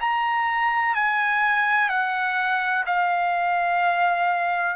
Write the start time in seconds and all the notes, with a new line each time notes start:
0.00 A#5
0.94 G#5
1.89 F#5
2.86 F5